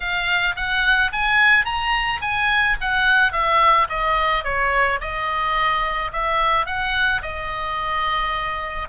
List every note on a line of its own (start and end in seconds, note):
0.00 0.55 F5
0.56 1.11 F#5
1.12 1.65 G#5
1.65 2.20 A#5
2.21 2.76 G#5
2.81 3.32 F#5
3.32 3.87 E5
3.89 4.44 D#5
4.44 4.99 C#5
5.00 6.11 D#5
6.12 6.66 E5
6.66 7.21 F#5
7.21 8.88 D#5